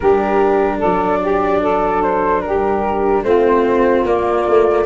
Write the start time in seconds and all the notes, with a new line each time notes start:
0.00 G3 D4 G4 A#4
0.78 F#3 A4 D5
1.21 G4
1.61 A4
2.02 C5
2.41 G3 G4 A#4
3.22 A3 C4 F4 C5
4.05 A#3 D5
4.48 A3